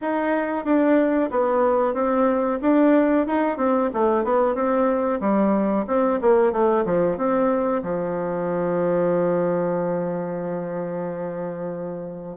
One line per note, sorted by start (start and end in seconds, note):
0.01 0.65 D#4
0.65 1.30 D4
1.30 1.94 B3
1.94 2.59 C4
2.61 3.26 D4
3.26 3.57 D#4
3.57 3.90 C4
3.93 4.24 A3
4.24 4.54 B3
4.54 5.20 C4
5.20 5.85 G3
5.87 6.20 C4
6.21 6.52 A#3
6.52 6.84 A3
6.85 7.17 F3
7.17 7.82 C4
7.82 12.37 F3